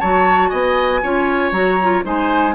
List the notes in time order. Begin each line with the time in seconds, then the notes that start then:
0.00 F#3 F#4 C#5 A5
0.50 B3 D#5 G#5
1.03 C#4 F4 C#5
1.52 F#3 F#4 A#5
1.83 F4
2.04 G#3 D#4 C5 G#5